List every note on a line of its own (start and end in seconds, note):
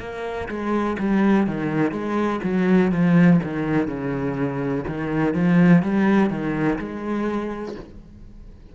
0.00 0.48 A#3
0.49 0.97 G#3
0.99 1.47 G3
1.47 1.92 D#3
1.92 2.41 G#3
2.44 2.92 F#3
2.92 3.40 F3
3.44 3.88 D#3
3.88 4.85 C#3
4.88 5.34 D#3
5.34 5.83 F3
5.83 6.30 G3
6.30 6.79 D#3
6.79 7.76 G#3